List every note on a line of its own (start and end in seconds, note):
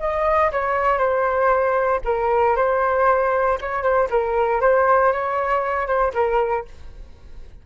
0.00 0.51 D#5
0.52 0.98 C#5
0.98 2.01 C5
2.05 2.56 A#4
2.56 3.59 C5
3.62 3.83 C#5
3.83 4.09 C5
4.10 4.62 A#4
4.62 5.13 C5
5.13 5.87 C#5
5.87 6.13 C5
6.14 6.65 A#4